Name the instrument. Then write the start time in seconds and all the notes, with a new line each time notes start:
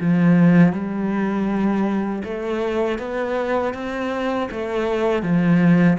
cello
0.00 F3
0.73 G3
2.24 A3
2.99 B3
3.74 C4
4.51 A3
5.22 F3